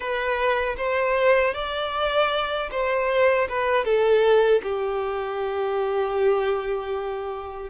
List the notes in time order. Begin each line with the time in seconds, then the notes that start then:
0.00 B4
0.77 C5
1.54 D5
2.71 C5
3.48 B4
3.85 A4
4.62 G4